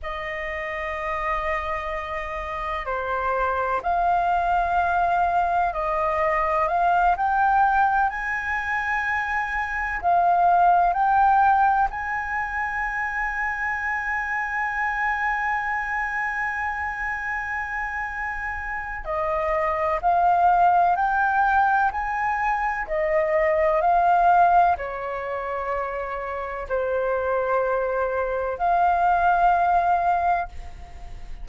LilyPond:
\new Staff \with { instrumentName = "flute" } { \time 4/4 \tempo 4 = 63 dis''2. c''4 | f''2 dis''4 f''8 g''8~ | g''8 gis''2 f''4 g''8~ | g''8 gis''2.~ gis''8~ |
gis''1 | dis''4 f''4 g''4 gis''4 | dis''4 f''4 cis''2 | c''2 f''2 | }